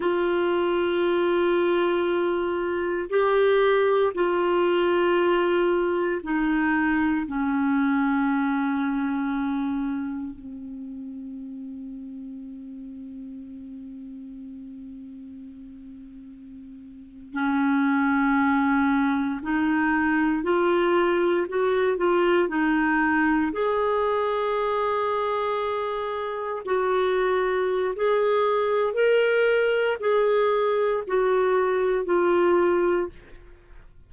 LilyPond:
\new Staff \with { instrumentName = "clarinet" } { \time 4/4 \tempo 4 = 58 f'2. g'4 | f'2 dis'4 cis'4~ | cis'2 c'2~ | c'1~ |
c'8. cis'2 dis'4 f'16~ | f'8. fis'8 f'8 dis'4 gis'4~ gis'16~ | gis'4.~ gis'16 fis'4~ fis'16 gis'4 | ais'4 gis'4 fis'4 f'4 | }